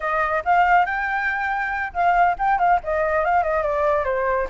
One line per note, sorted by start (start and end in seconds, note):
0.00 0.43 D#5
0.44 0.85 F5
0.85 1.92 G5
1.93 2.36 F5
2.38 2.58 G5
2.58 2.80 F5
2.83 3.24 D#5
3.24 3.43 F5
3.43 3.63 D#5
3.63 4.04 D5
4.04 4.47 C5